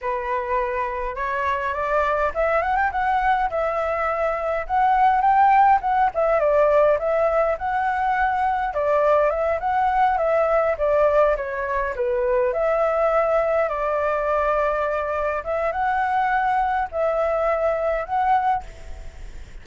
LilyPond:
\new Staff \with { instrumentName = "flute" } { \time 4/4 \tempo 4 = 103 b'2 cis''4 d''4 | e''8 fis''16 g''16 fis''4 e''2 | fis''4 g''4 fis''8 e''8 d''4 | e''4 fis''2 d''4 |
e''8 fis''4 e''4 d''4 cis''8~ | cis''8 b'4 e''2 d''8~ | d''2~ d''8 e''8 fis''4~ | fis''4 e''2 fis''4 | }